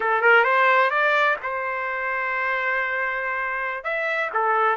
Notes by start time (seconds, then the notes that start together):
0.00 A4
0.21 A#4
0.44 C5
0.90 D5
1.42 C5
3.84 E5
4.33 A4